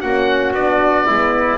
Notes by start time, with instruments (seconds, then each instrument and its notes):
0.00 double bass A#3, horn C#4, trumpet F#4, oboe F#5
0.52 double bass B3, horn D4, oboe D5
1.06 double bass G#3, horn B3, trumpet E4